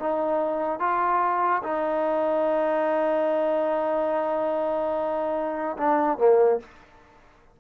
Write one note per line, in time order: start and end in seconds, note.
0.00 0.80 D#4
0.80 1.63 F4
1.63 5.77 D#4
5.78 6.18 D4
6.18 6.60 A#3